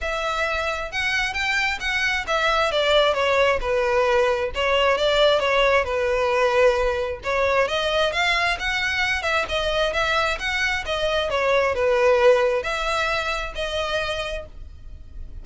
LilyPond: \new Staff \with { instrumentName = "violin" } { \time 4/4 \tempo 4 = 133 e''2 fis''4 g''4 | fis''4 e''4 d''4 cis''4 | b'2 cis''4 d''4 | cis''4 b'2. |
cis''4 dis''4 f''4 fis''4~ | fis''8 e''8 dis''4 e''4 fis''4 | dis''4 cis''4 b'2 | e''2 dis''2 | }